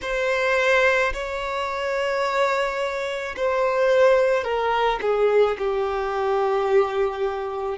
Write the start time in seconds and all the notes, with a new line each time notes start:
0.02 C5
1.13 C#5
3.36 C5
4.43 A#4
5.02 G#4
5.58 G4